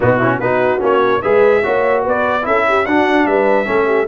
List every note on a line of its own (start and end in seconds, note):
0.00 0.39 B2
0.00 0.21 B3
0.00 0.18 D#4
0.00 0.40 F#4
0.18 0.41 C#4
0.18 0.38 E4
0.39 0.80 B3
0.39 0.79 D#4
0.39 1.21 F#4
0.39 0.81 B4
0.79 1.22 A#3
0.79 1.20 C#4
0.79 1.22 C#5
1.21 1.64 G#3
1.21 1.63 G#4
1.21 1.62 B4
1.21 2.03 E5
1.63 2.06 A#3
1.63 2.42 F#4
1.63 2.03 C#5
2.03 2.45 B3
2.03 2.44 B4
2.03 2.45 D5
2.42 2.86 C#4
2.42 2.83 E4
2.42 2.67 A4
2.42 2.86 E5
2.67 2.86 G4
2.86 3.26 D4
2.86 3.65 D4
2.86 3.27 F#4
2.86 3.26 F#5
3.26 3.67 G3
3.26 3.66 B4
3.26 4.07 E5
3.65 4.07 A3
3.65 4.06 C#4
3.65 3.86 A4
3.86 4.07 G4